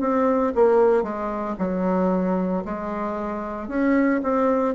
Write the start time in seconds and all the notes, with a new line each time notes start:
0.00 C4
0.55 A#3
1.03 G#3
1.58 F#3
2.65 G#3
3.68 C#4
4.22 C4